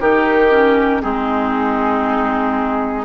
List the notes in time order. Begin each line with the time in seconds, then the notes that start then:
0.00 D#3 D#4 G4 A#4
0.51 C#4
1.01 G#3 C4 D#4 G#4